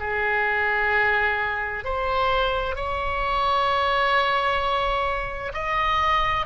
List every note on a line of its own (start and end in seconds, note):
0.00 1.85 G#4
1.85 2.76 C5
2.76 5.53 C#5
5.54 6.46 D#5